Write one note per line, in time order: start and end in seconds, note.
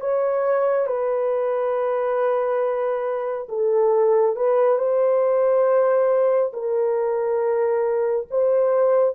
0.00 0.87 C#5
0.87 3.47 B4
3.49 4.36 A4
4.36 4.78 B4
4.78 6.52 C5
6.53 8.27 A#4
8.30 9.15 C5